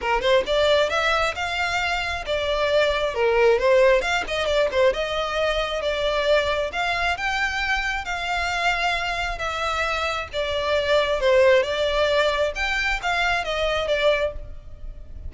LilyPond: \new Staff \with { instrumentName = "violin" } { \time 4/4 \tempo 4 = 134 ais'8 c''8 d''4 e''4 f''4~ | f''4 d''2 ais'4 | c''4 f''8 dis''8 d''8 c''8 dis''4~ | dis''4 d''2 f''4 |
g''2 f''2~ | f''4 e''2 d''4~ | d''4 c''4 d''2 | g''4 f''4 dis''4 d''4 | }